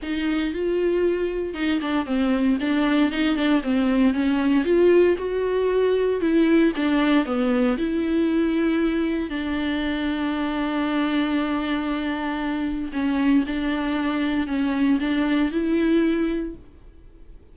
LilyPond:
\new Staff \with { instrumentName = "viola" } { \time 4/4 \tempo 4 = 116 dis'4 f'2 dis'8 d'8 | c'4 d'4 dis'8 d'8 c'4 | cis'4 f'4 fis'2 | e'4 d'4 b4 e'4~ |
e'2 d'2~ | d'1~ | d'4 cis'4 d'2 | cis'4 d'4 e'2 | }